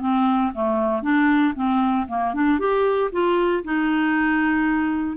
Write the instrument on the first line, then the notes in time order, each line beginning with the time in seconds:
clarinet
0.00 C4
0.53 A3
1.02 D4
1.55 C4
2.08 A#3
2.33 D4
2.59 G4
3.11 F4
3.63 D#4